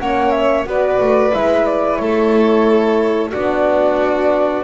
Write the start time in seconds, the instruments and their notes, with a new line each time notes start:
0.00 double bass A#3, horn C#4, violin C#5, flute F#5
0.31 flute E5
0.66 double bass B3, horn F#4, violin B4, flute D5
1.00 double bass A3
1.32 double bass G#3, horn E4, flute E5
1.66 flute D5
1.97 double bass A3, violin A4, flute C#5
3.31 double bass B3, horn D4, violin F#4, flute D5